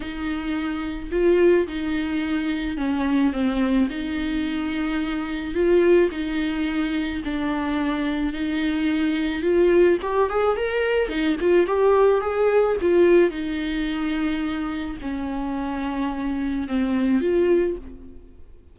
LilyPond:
\new Staff \with { instrumentName = "viola" } { \time 4/4 \tempo 4 = 108 dis'2 f'4 dis'4~ | dis'4 cis'4 c'4 dis'4~ | dis'2 f'4 dis'4~ | dis'4 d'2 dis'4~ |
dis'4 f'4 g'8 gis'8 ais'4 | dis'8 f'8 g'4 gis'4 f'4 | dis'2. cis'4~ | cis'2 c'4 f'4 | }